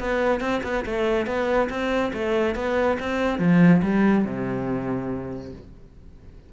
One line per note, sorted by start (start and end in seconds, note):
0.00 0.41 B3
0.41 0.62 C4
0.64 0.85 B3
0.86 1.27 A3
1.27 1.69 B3
1.70 2.12 C4
2.14 2.55 A3
2.55 2.98 B3
3.00 3.39 C4
3.39 3.82 F3
3.83 4.25 G3
4.25 5.53 C3